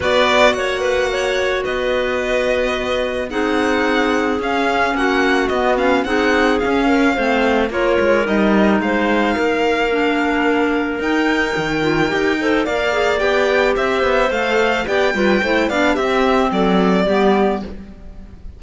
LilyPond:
<<
  \new Staff \with { instrumentName = "violin" } { \time 4/4 \tempo 4 = 109 d''4 fis''2 dis''4~ | dis''2 fis''2 | f''4 fis''4 dis''8 f''8 fis''4 | f''2 cis''4 dis''4 |
f''1 | g''2. f''4 | g''4 e''4 f''4 g''4~ | g''8 f''8 e''4 d''2 | }
  \new Staff \with { instrumentName = "clarinet" } { \time 4/4 b'4 cis''8 b'8 cis''4 b'4~ | b'2 gis'2~ | gis'4 fis'2 gis'4~ | gis'8 ais'8 c''4 ais'2 |
c''4 ais'2.~ | ais'2~ ais'8 c''8 d''4~ | d''4 c''2 d''8 b'8 | c''8 d''8 g'4 a'4 g'4 | }
  \new Staff \with { instrumentName = "clarinet" } { \time 4/4 fis'1~ | fis'2 dis'2 | cis'2 b8 cis'8 dis'4 | cis'4 c'4 f'4 dis'4~ |
dis'2 d'2 | dis'4. f'8 g'8 a'8 ais'8 gis'8 | g'2 a'4 g'8 f'8 | e'8 d'8 c'2 b4 | }
  \new Staff \with { instrumentName = "cello" } { \time 4/4 b4 ais2 b4~ | b2 c'2 | cis'4 ais4 b4 c'4 | cis'4 a4 ais8 gis8 g4 |
gis4 ais2. | dis'4 dis4 dis'4 ais4 | b4 c'8 b8 a4 b8 g8 | a8 b8 c'4 fis4 g4 | }
>>